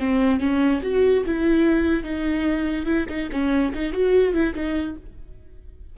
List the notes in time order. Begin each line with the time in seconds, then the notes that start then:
0.00 C4
0.40 C#4
0.83 F#4
1.26 E4
2.04 D#4
2.86 E4
3.09 D#4
3.32 C#4
3.74 D#4
3.93 F#4
4.34 E4
4.55 D#4